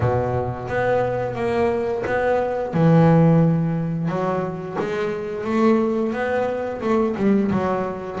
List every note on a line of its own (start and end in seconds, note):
0.00 0.68 B2
0.68 1.35 B3
1.35 2.03 A#3
2.06 2.73 B3
2.73 4.08 E3
4.08 4.76 F#3
4.79 5.44 G#3
5.44 6.12 A3
6.12 6.80 B3
6.81 7.15 A3
7.16 7.50 G3
7.51 8.19 F#3